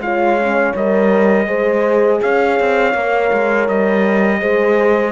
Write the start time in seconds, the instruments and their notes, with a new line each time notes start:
0.00 cello G#3, horn F4 C#5, trumpet F5
0.39 horn C#4
0.75 cello G3, horn A#4, trumpet D#5
1.47 cello G#3, horn G#4 C5
2.22 cello C#4, horn C#5, trumpet F5
2.60 cello C4
2.94 cello A#3, horn A#4
3.33 cello G#3
3.69 cello G3, trumpet D#5
4.40 cello G#3, horn G#4 C5